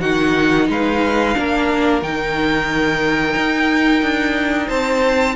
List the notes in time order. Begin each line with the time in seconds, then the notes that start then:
0.00 D#3 D#4 F#4 F#5
0.68 G#3 B4 F5
1.35 A#3 D4 A#4
2.01 D#3 D#4 G5
3.36 D#4
4.02 D4
4.67 C4 C5 A5